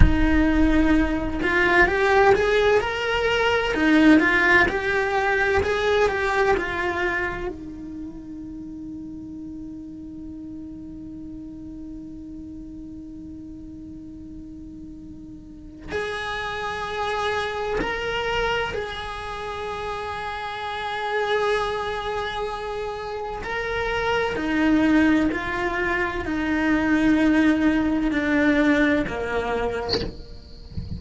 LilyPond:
\new Staff \with { instrumentName = "cello" } { \time 4/4 \tempo 4 = 64 dis'4. f'8 g'8 gis'8 ais'4 | dis'8 f'8 g'4 gis'8 g'8 f'4 | dis'1~ | dis'1~ |
dis'4 gis'2 ais'4 | gis'1~ | gis'4 ais'4 dis'4 f'4 | dis'2 d'4 ais4 | }